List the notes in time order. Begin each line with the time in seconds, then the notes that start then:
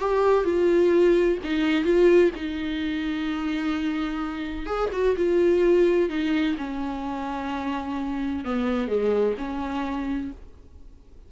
0.00 G4
0.45 F4
1.44 D#4
1.85 F4
2.36 D#4
4.67 G#4
4.93 F#4
5.17 F4
6.10 D#4
6.58 C#4
8.45 B3
8.88 G#3
9.38 C#4